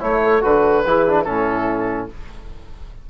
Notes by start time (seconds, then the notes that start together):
0.00 A3 E4 C#5
0.23 A4
0.41 D3 F#4 B4
0.86 E3 E4 G#4
1.08 D4
1.24 A2 C#4 E4 A4